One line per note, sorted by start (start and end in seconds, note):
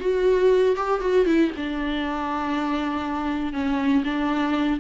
0.00 0.76 F#4
0.76 1.00 G4
1.00 1.26 F#4
1.26 1.51 E4
1.56 3.53 D4
3.53 4.03 C#4
4.04 4.79 D4